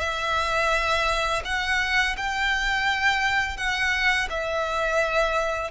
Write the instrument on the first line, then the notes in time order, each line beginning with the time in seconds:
violin
0.00 E5
1.45 F#5
2.18 G5
3.57 F#5
4.31 E5